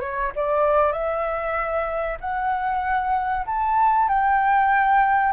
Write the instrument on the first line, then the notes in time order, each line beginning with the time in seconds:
flute
0.00 C#5
0.35 D5
0.92 E5
2.20 F#5
3.46 A5
4.08 G5